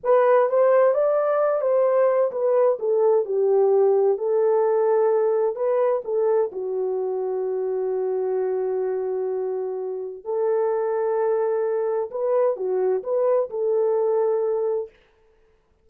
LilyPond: \new Staff \with { instrumentName = "horn" } { \time 4/4 \tempo 4 = 129 b'4 c''4 d''4. c''8~ | c''4 b'4 a'4 g'4~ | g'4 a'2. | b'4 a'4 fis'2~ |
fis'1~ | fis'2 a'2~ | a'2 b'4 fis'4 | b'4 a'2. | }